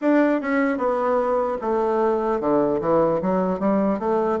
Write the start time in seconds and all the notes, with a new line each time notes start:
0.01 D4
0.41 C#4
0.77 B3
1.61 A3
2.40 D3
2.80 E3
3.21 F#3
3.59 G3
3.99 A3